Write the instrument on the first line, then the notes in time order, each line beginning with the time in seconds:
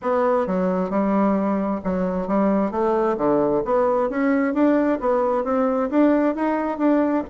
bassoon
0.01 B3
0.47 F#3
0.90 G3
1.84 F#3
2.27 G3
2.71 A3
3.17 D3
3.65 B3
4.09 C#4
4.54 D4
5.00 B3
5.44 C4
5.90 D4
6.35 D#4
6.78 D4